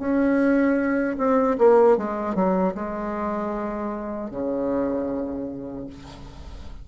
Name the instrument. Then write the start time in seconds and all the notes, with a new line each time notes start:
bassoon
0.00 C#4
1.18 C4
1.59 A#3
1.98 G#3
2.36 F#3
2.75 G#3
4.31 C#3